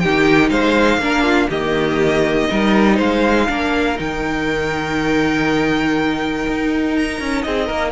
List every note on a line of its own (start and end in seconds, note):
0.00 0.50 D#3
0.00 1.01 D#4
0.00 0.51 G4
0.00 0.50 G5
0.50 0.98 G#3
0.50 1.00 C5
0.50 1.49 F5
0.98 1.47 A#3
0.98 1.51 D4
0.98 1.23 A#4
1.23 1.47 F4
1.49 2.49 D#3
1.49 2.49 A#3
1.49 2.48 G4
1.49 2.99 D#5
2.49 2.99 G3
2.49 3.48 D#4
2.49 2.96 A#4
2.96 3.49 G#3
2.96 3.46 C5
2.96 3.99 F5
3.48 3.99 A#3
3.48 3.96 D4
3.48 7.45 A#4
3.96 6.47 D#3
3.96 7.92 D#4
3.96 6.96 G5
6.47 7.20 D#4
6.96 7.42 A#5
7.20 7.45 C#4
7.42 7.70 C4
7.42 7.66 G#4
7.42 7.92 D#5
7.66 7.92 A#3
7.66 7.91 A#4